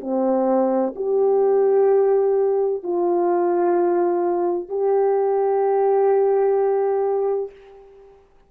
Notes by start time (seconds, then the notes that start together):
0.00 C4
0.95 G4
2.83 F4
4.69 G4